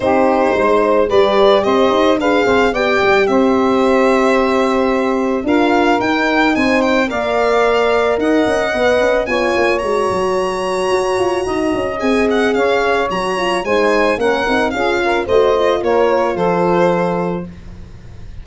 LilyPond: <<
  \new Staff \with { instrumentName = "violin" } { \time 4/4 \tempo 4 = 110 c''2 d''4 dis''4 | f''4 g''4 e''2~ | e''2 f''4 g''4 | gis''8 g''8 f''2 fis''4~ |
fis''4 gis''4 ais''2~ | ais''2 gis''8 fis''8 f''4 | ais''4 gis''4 fis''4 f''4 | dis''4 cis''4 c''2 | }
  \new Staff \with { instrumentName = "saxophone" } { \time 4/4 g'4 c''4 b'4 c''4 | b'8 c''8 d''4 c''2~ | c''2 ais'2 | c''4 d''2 dis''4~ |
dis''4 cis''2.~ | cis''4 dis''2 cis''4~ | cis''4 c''4 ais'4 gis'8 ais'8 | c''4 ais'4 a'2 | }
  \new Staff \with { instrumentName = "horn" } { \time 4/4 dis'2 g'2 | gis'4 g'2.~ | g'2 f'4 dis'4~ | dis'4 ais'2. |
b'4 f'4 fis'2~ | fis'2 gis'2 | fis'8 f'8 dis'4 cis'8 dis'8 f'4 | fis'8 f'2.~ f'8 | }
  \new Staff \with { instrumentName = "tuba" } { \time 4/4 c'4 gis4 g4 c'8 dis'8 | d'8 c'8 b8 g8 c'2~ | c'2 d'4 dis'4 | c'4 ais2 dis'8 cis'8 |
b8 cis'8 b8 ais8 gis8 fis4. | fis'8 f'8 dis'8 cis'8 c'4 cis'4 | fis4 gis4 ais8 c'8 cis'4 | a4 ais4 f2 | }
>>